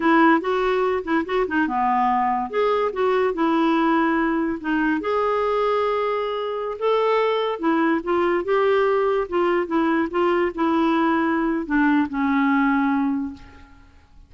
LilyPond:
\new Staff \with { instrumentName = "clarinet" } { \time 4/4 \tempo 4 = 144 e'4 fis'4. e'8 fis'8 dis'8 | b2 gis'4 fis'4 | e'2. dis'4 | gis'1~ |
gis'16 a'2 e'4 f'8.~ | f'16 g'2 f'4 e'8.~ | e'16 f'4 e'2~ e'8. | d'4 cis'2. | }